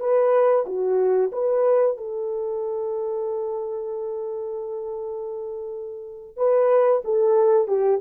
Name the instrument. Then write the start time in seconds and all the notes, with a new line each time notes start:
horn
0.00 B4
0.66 F#4
1.32 B4
1.97 A4
6.37 B4
7.05 A4
7.67 G4